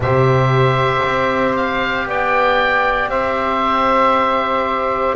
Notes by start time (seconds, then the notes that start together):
0.00 C3 G4 C5 E5
1.04 C4
1.56 F5
2.07 B3 D5 G5
3.07 C4 C5 E5